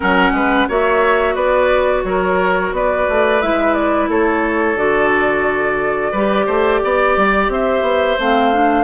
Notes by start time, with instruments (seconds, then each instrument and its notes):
0.00 bassoon F#3, clarinet C#4, oboe A#4, flute F#5
0.32 bassoon G#3, oboe B4
0.68 bassoon A#3, clarinet F#4, oboe C#5, flute E5
1.34 bassoon B3, oboe B4, flute D5
2.04 bassoon F#3, oboe A#4, flute C#5
2.72 bassoon B3, oboe B4, flute D5
3.08 bassoon A3
3.41 bassoon G#3, clarinet E4, flute E5
3.73 flute D5
4.08 bassoon A3, oboe A4, flute C#5
4.76 bassoon D3, clarinet F#4, flute D5
6.11 bassoon G3, clarinet G4, oboe B4
6.46 bassoon A3, oboe C5
6.83 bassoon B3, oboe D5
7.16 bassoon G3
7.48 bassoon C4, oboe C5, flute E5
7.81 bassoon B3
8.19 bassoon A3, clarinet C4, flute F5
8.53 clarinet D4